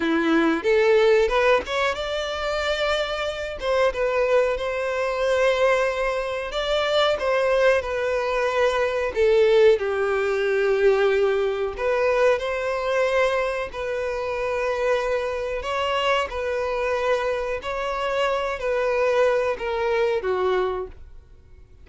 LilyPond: \new Staff \with { instrumentName = "violin" } { \time 4/4 \tempo 4 = 92 e'4 a'4 b'8 cis''8 d''4~ | d''4. c''8 b'4 c''4~ | c''2 d''4 c''4 | b'2 a'4 g'4~ |
g'2 b'4 c''4~ | c''4 b'2. | cis''4 b'2 cis''4~ | cis''8 b'4. ais'4 fis'4 | }